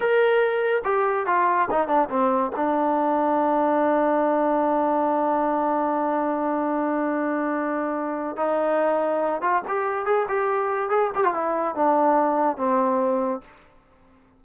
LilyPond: \new Staff \with { instrumentName = "trombone" } { \time 4/4 \tempo 4 = 143 ais'2 g'4 f'4 | dis'8 d'8 c'4 d'2~ | d'1~ | d'1~ |
d'1 | dis'2~ dis'8 f'8 g'4 | gis'8 g'4. gis'8 g'16 f'16 e'4 | d'2 c'2 | }